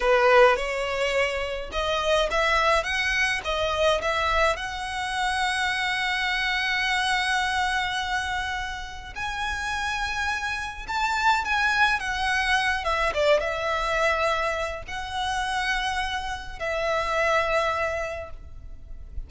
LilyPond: \new Staff \with { instrumentName = "violin" } { \time 4/4 \tempo 4 = 105 b'4 cis''2 dis''4 | e''4 fis''4 dis''4 e''4 | fis''1~ | fis''1 |
gis''2. a''4 | gis''4 fis''4. e''8 d''8 e''8~ | e''2 fis''2~ | fis''4 e''2. | }